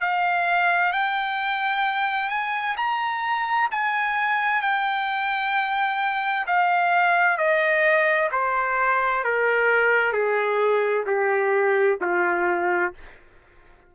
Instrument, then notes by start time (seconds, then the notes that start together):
trumpet
0.00 F5
0.92 G5
2.29 G#5
2.77 A#5
3.71 G#5
4.61 G5
6.46 F5
7.37 D#5
8.31 C5
9.24 A#4
10.12 G#4
11.06 G4
12.01 F4